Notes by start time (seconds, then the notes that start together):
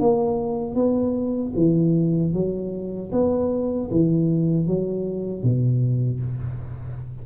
0.00 A#3
0.75 B3
1.56 E3
2.33 F#3
3.12 B3
3.91 E3
4.67 F#3
5.43 B2